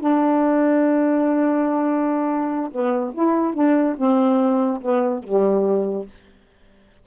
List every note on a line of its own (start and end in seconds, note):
0.00 2.71 D4
2.72 3.13 B3
3.14 3.54 E4
3.54 3.96 D4
3.98 4.81 C4
4.81 5.23 B3
5.23 6.06 G3